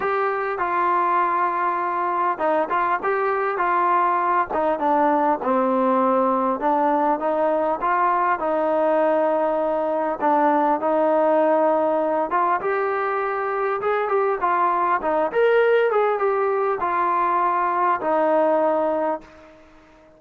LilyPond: \new Staff \with { instrumentName = "trombone" } { \time 4/4 \tempo 4 = 100 g'4 f'2. | dis'8 f'8 g'4 f'4. dis'8 | d'4 c'2 d'4 | dis'4 f'4 dis'2~ |
dis'4 d'4 dis'2~ | dis'8 f'8 g'2 gis'8 g'8 | f'4 dis'8 ais'4 gis'8 g'4 | f'2 dis'2 | }